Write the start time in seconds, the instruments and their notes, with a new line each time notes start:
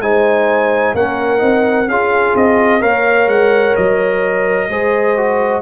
0.00 tuba G#3, trombone D#4, horn C5, trumpet G#5
0.94 tuba A#3, trombone C#4, horn A#4, trumpet F#5
1.38 tuba C4, trombone D#4
1.87 tuba C#4, trombone F4, horn G#4, trumpet F5
2.35 tuba C4, trumpet D#5
2.80 tuba A#3, trombone A#4, horn C#5, trumpet F5
3.27 tuba G#3, trumpet F#5
3.76 tuba F#3, trumpet D#5
4.68 tuba G#3, trombone G#4, horn C5
5.17 trombone F#4